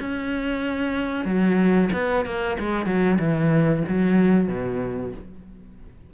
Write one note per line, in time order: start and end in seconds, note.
0.00 1.25 C#4
1.25 1.89 F#3
1.93 2.25 B3
2.25 2.57 A#3
2.59 2.86 G#3
2.86 3.18 F#3
3.19 3.83 E3
3.88 4.48 F#3
4.48 5.12 B2